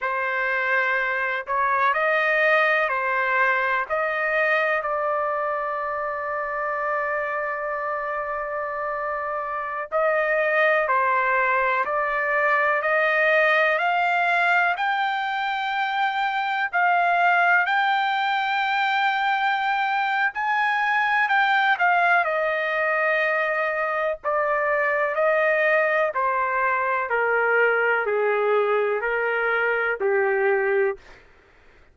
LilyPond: \new Staff \with { instrumentName = "trumpet" } { \time 4/4 \tempo 4 = 62 c''4. cis''8 dis''4 c''4 | dis''4 d''2.~ | d''2~ d''16 dis''4 c''8.~ | c''16 d''4 dis''4 f''4 g''8.~ |
g''4~ g''16 f''4 g''4.~ g''16~ | g''4 gis''4 g''8 f''8 dis''4~ | dis''4 d''4 dis''4 c''4 | ais'4 gis'4 ais'4 g'4 | }